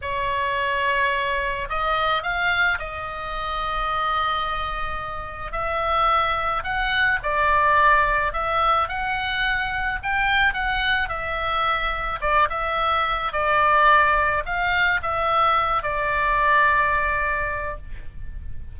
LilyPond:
\new Staff \with { instrumentName = "oboe" } { \time 4/4 \tempo 4 = 108 cis''2. dis''4 | f''4 dis''2.~ | dis''2 e''2 | fis''4 d''2 e''4 |
fis''2 g''4 fis''4 | e''2 d''8 e''4. | d''2 f''4 e''4~ | e''8 d''2.~ d''8 | }